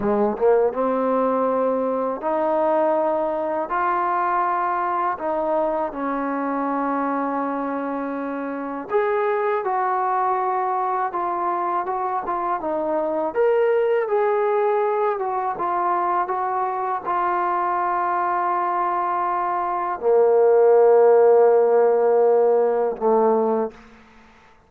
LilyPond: \new Staff \with { instrumentName = "trombone" } { \time 4/4 \tempo 4 = 81 gis8 ais8 c'2 dis'4~ | dis'4 f'2 dis'4 | cis'1 | gis'4 fis'2 f'4 |
fis'8 f'8 dis'4 ais'4 gis'4~ | gis'8 fis'8 f'4 fis'4 f'4~ | f'2. ais4~ | ais2. a4 | }